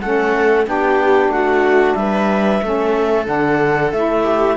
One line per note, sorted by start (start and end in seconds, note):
0.00 0.66 A3
0.00 0.65 C#4
0.00 0.67 A4
0.00 0.65 F#5
0.65 1.28 B3
0.65 2.60 D4
0.65 1.32 G4
0.65 1.31 G5
1.28 1.93 A3
1.28 1.97 F#4
1.28 1.94 F#5
1.94 2.60 G3
1.94 2.63 B4
1.94 3.25 E5
2.62 3.27 A3
2.62 3.24 C#4
2.62 4.23 A4
3.24 3.93 D3
3.24 3.90 D4
3.24 3.92 F#5
3.92 4.56 A3
3.92 4.56 E4
3.92 4.56 E5
4.23 4.56 G4